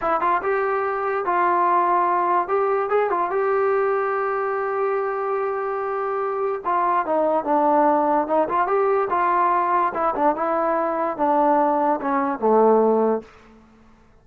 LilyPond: \new Staff \with { instrumentName = "trombone" } { \time 4/4 \tempo 4 = 145 e'8 f'8 g'2 f'4~ | f'2 g'4 gis'8 f'8 | g'1~ | g'1 |
f'4 dis'4 d'2 | dis'8 f'8 g'4 f'2 | e'8 d'8 e'2 d'4~ | d'4 cis'4 a2 | }